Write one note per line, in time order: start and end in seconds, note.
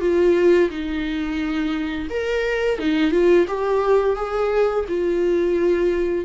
0.00 0.69 F4
0.70 2.08 D#4
2.10 2.78 A#4
2.78 3.11 D#4
3.11 3.45 F4
3.47 4.15 G4
4.15 4.84 G#4
4.88 6.25 F4